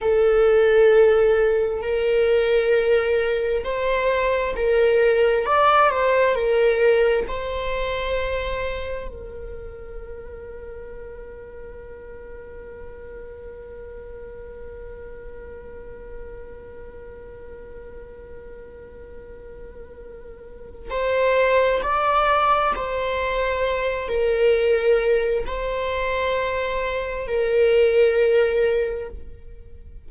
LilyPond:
\new Staff \with { instrumentName = "viola" } { \time 4/4 \tempo 4 = 66 a'2 ais'2 | c''4 ais'4 d''8 c''8 ais'4 | c''2 ais'2~ | ais'1~ |
ais'1~ | ais'2. c''4 | d''4 c''4. ais'4. | c''2 ais'2 | }